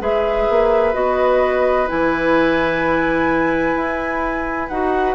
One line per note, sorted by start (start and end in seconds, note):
0.00 0.47 G#3
0.00 0.94 G#4
0.00 5.15 B4
0.00 0.94 E5
0.49 0.95 A#3
0.94 1.88 B3
0.94 1.87 F#4
0.94 1.88 D#5
1.88 3.75 E3
1.88 4.69 E4
1.88 4.69 G#5
3.75 4.69 E4
4.69 5.15 D#4
4.69 5.15 F#4
4.69 5.15 F#5